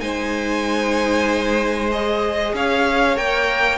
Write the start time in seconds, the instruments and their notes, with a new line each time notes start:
0.00 cello G#3, viola D#4, violin C5 G#5
1.92 viola G#4, violin D#5
2.54 cello C#4, violin C#5 F5
3.17 cello A#3, viola A#4, violin G5